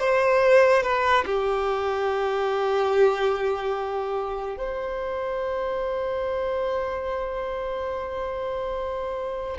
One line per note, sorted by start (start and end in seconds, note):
0.00 0.83 C5
0.83 1.25 B4
1.26 4.58 G4
4.58 9.58 C5